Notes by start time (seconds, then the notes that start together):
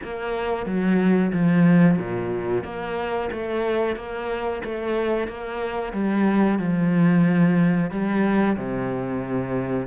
0.03 A#3
0.66 F#3
1.32 F3
1.98 A#2
2.64 A#3
3.31 A3
3.96 A#3
4.64 A3
5.27 A#3
5.93 G3
6.58 F3
7.90 G3
8.57 C3